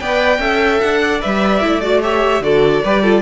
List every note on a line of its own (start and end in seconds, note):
0.00 0.39 B3
0.00 0.40 B4
0.00 0.40 D5
0.00 0.81 G5
0.39 0.80 C#4
0.39 1.21 A4
0.39 1.01 E5
0.81 1.23 D4
0.81 1.21 F#5
1.01 2.02 D5
1.21 1.64 G3
1.21 1.61 B4
1.21 1.81 E5
1.61 2.40 A3
1.61 1.82 E4
1.81 2.02 F#4
1.81 2.01 D5
2.02 2.43 G4
2.02 2.43 C#5
2.02 2.43 E5
2.40 2.81 D3
2.40 2.83 F#4
2.40 2.84 A4
2.40 3.22 D5
2.84 3.22 G3
2.84 3.03 G4
2.84 3.03 B4
3.03 3.22 F4
3.03 3.22 A4